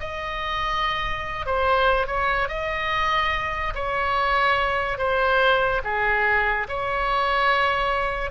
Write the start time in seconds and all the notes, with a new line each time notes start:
0.00 D#5
1.46 C5
2.06 C#5
2.48 D#5
3.75 C#5
4.98 C5
5.84 G#4
6.68 C#5